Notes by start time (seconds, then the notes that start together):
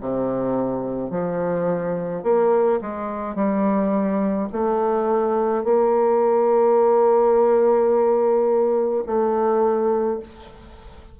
0.00 C3
1.10 F3
2.23 A#3
2.81 G#3
3.35 G3
4.52 A3
5.64 A#3
9.06 A3